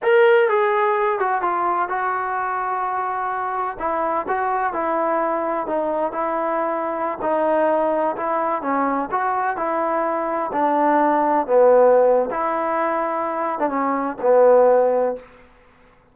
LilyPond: \new Staff \with { instrumentName = "trombone" } { \time 4/4 \tempo 4 = 127 ais'4 gis'4. fis'8 f'4 | fis'1 | e'4 fis'4 e'2 | dis'4 e'2~ e'16 dis'8.~ |
dis'4~ dis'16 e'4 cis'4 fis'8.~ | fis'16 e'2 d'4.~ d'16~ | d'16 b4.~ b16 e'2~ | e'8. d'16 cis'4 b2 | }